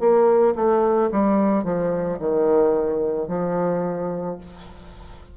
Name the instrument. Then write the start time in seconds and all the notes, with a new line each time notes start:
bassoon
0.00 A#3
0.56 A3
1.12 G3
1.64 F3
2.19 D#3
3.28 F3